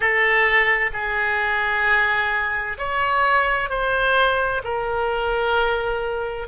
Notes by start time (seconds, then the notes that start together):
0.00 A4
0.93 G#4
2.77 C#5
3.69 C5
4.64 A#4